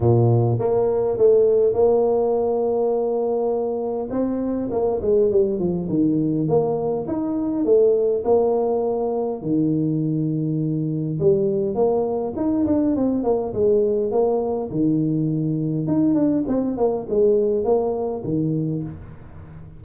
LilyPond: \new Staff \with { instrumentName = "tuba" } { \time 4/4 \tempo 4 = 102 ais,4 ais4 a4 ais4~ | ais2. c'4 | ais8 gis8 g8 f8 dis4 ais4 | dis'4 a4 ais2 |
dis2. g4 | ais4 dis'8 d'8 c'8 ais8 gis4 | ais4 dis2 dis'8 d'8 | c'8 ais8 gis4 ais4 dis4 | }